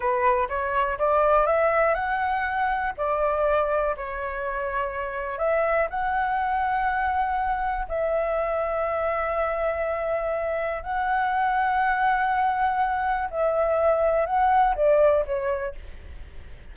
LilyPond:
\new Staff \with { instrumentName = "flute" } { \time 4/4 \tempo 4 = 122 b'4 cis''4 d''4 e''4 | fis''2 d''2 | cis''2. e''4 | fis''1 |
e''1~ | e''2 fis''2~ | fis''2. e''4~ | e''4 fis''4 d''4 cis''4 | }